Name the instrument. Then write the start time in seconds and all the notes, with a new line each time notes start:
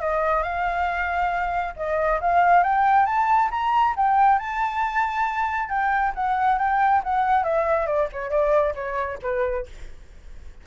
flute
0.00 D#5
0.42 F5
1.76 D#5
2.20 F5
2.63 G5
3.06 A5
3.51 A#5
3.96 G5
4.38 A5
5.69 G5
6.14 F#5
6.58 G5
7.03 F#5
7.44 E5
7.86 D5
8.12 C#5
8.30 D5
8.75 C#5
9.22 B4